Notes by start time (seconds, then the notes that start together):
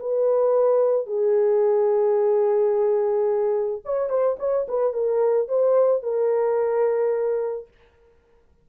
0.00 B4
1.07 G#4
3.85 C#5
4.10 C5
4.39 C#5
4.68 B4
4.93 A#4
5.48 C5
6.03 A#4